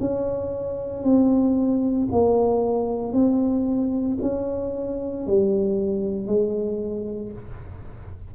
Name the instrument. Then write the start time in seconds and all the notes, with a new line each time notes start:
tuba
0.00 C#4
1.03 C4
2.12 A#3
3.13 C4
4.22 C#4
5.27 G3
6.27 G#3